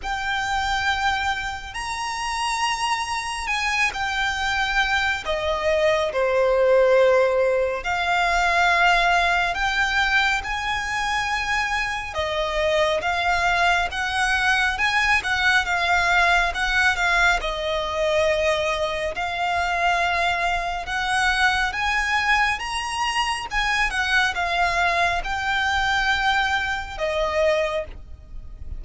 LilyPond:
\new Staff \with { instrumentName = "violin" } { \time 4/4 \tempo 4 = 69 g''2 ais''2 | gis''8 g''4. dis''4 c''4~ | c''4 f''2 g''4 | gis''2 dis''4 f''4 |
fis''4 gis''8 fis''8 f''4 fis''8 f''8 | dis''2 f''2 | fis''4 gis''4 ais''4 gis''8 fis''8 | f''4 g''2 dis''4 | }